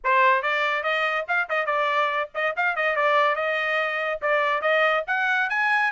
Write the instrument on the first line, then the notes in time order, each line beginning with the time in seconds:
trumpet
0.03 C5
0.42 D5
0.83 D#5
1.28 F5
1.49 D#5
1.66 D5
2.34 D#5
2.56 F5
2.76 D#5
2.96 D5
3.35 D#5
4.21 D5
4.61 D#5
5.07 F#5
5.49 G#5